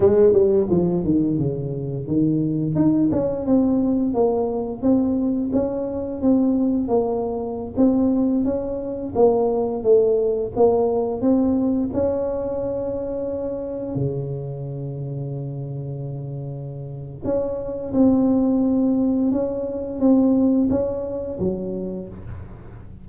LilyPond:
\new Staff \with { instrumentName = "tuba" } { \time 4/4 \tempo 4 = 87 gis8 g8 f8 dis8 cis4 dis4 | dis'8 cis'8 c'4 ais4 c'4 | cis'4 c'4 ais4~ ais16 c'8.~ | c'16 cis'4 ais4 a4 ais8.~ |
ais16 c'4 cis'2~ cis'8.~ | cis'16 cis2.~ cis8.~ | cis4 cis'4 c'2 | cis'4 c'4 cis'4 fis4 | }